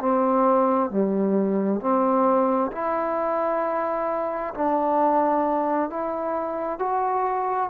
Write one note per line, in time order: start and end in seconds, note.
0.00 0.90 C4
0.90 1.81 G3
1.81 2.71 C4
2.72 4.54 E4
4.55 5.90 D4
5.90 6.79 E4
6.79 7.70 F#4